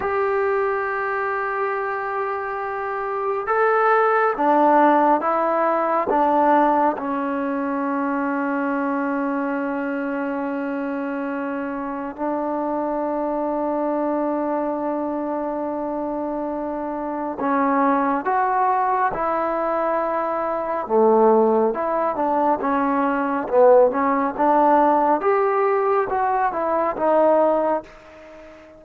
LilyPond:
\new Staff \with { instrumentName = "trombone" } { \time 4/4 \tempo 4 = 69 g'1 | a'4 d'4 e'4 d'4 | cis'1~ | cis'2 d'2~ |
d'1 | cis'4 fis'4 e'2 | a4 e'8 d'8 cis'4 b8 cis'8 | d'4 g'4 fis'8 e'8 dis'4 | }